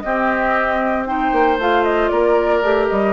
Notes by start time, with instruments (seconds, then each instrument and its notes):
0.00 clarinet C4, bassoon C4, oboe G4, flute D#5
1.07 clarinet D#4, oboe C5, flute G5
1.33 bassoon A#3
1.59 bassoon A3, clarinet F4, flute F5
1.84 flute D#5
2.09 bassoon A#3, oboe A#4, flute D5
2.63 bassoon A3, clarinet G4
2.88 bassoon G3, flute D#5